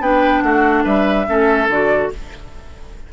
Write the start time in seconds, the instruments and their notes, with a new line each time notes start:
0.00 bassoon B3, clarinet D4, oboe B4, flute G5
0.42 bassoon A3, oboe F#4, flute F#5
0.84 bassoon G3, oboe B4, flute E5
1.27 bassoon A3, clarinet C#4, oboe A4
1.68 bassoon D3, clarinet F#4, flute D5